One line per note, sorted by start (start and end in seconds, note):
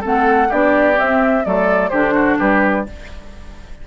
0.00 0.51 A3
0.00 0.49 C4
0.00 0.47 A4
0.00 0.52 F#5
0.48 0.98 B3
0.48 0.94 D4
0.48 1.43 G4
0.48 0.99 D5
0.94 1.42 C4
0.94 1.45 C4
0.94 1.44 E5
1.44 1.92 F#3
1.44 1.91 A3
1.44 1.90 A4
1.44 1.89 D5
1.89 2.39 D3
1.89 2.86 D4
1.89 2.13 G4
1.89 2.36 C5
2.14 2.37 F#4
2.38 2.87 G3
2.38 2.85 G4
2.38 2.86 B4